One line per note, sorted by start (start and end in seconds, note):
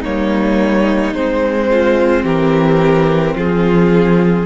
0.00 1.14 G3
0.00 1.15 A#3
0.00 1.67 D#4
0.00 1.14 C#5
1.14 2.24 G#3
1.14 4.45 C4
1.14 2.25 C5
1.71 2.23 F4
2.23 3.35 E3
2.23 3.34 G4
2.23 3.37 A#4
3.34 4.45 F3
3.34 4.45 F4
3.34 4.45 G#4